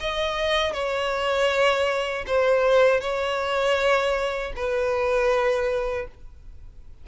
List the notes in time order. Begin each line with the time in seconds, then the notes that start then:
0.00 D#5
0.73 C#5
2.26 C5
3.00 C#5
4.55 B4